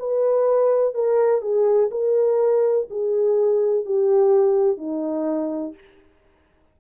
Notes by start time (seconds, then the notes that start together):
0.00 B4
0.95 A#4
1.42 G#4
1.91 A#4
2.90 G#4
3.86 G4
4.78 D#4